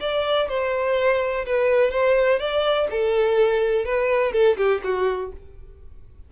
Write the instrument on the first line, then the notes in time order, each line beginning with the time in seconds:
violin
0.00 D5
0.48 C5
1.46 B4
1.91 C5
2.39 D5
2.90 A4
3.85 B4
4.32 A4
4.57 G4
4.83 F#4